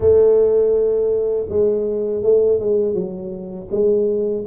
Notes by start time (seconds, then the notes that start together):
0.00 A3
1.49 G#3
2.22 A3
2.59 G#3
2.94 F#3
3.71 G#3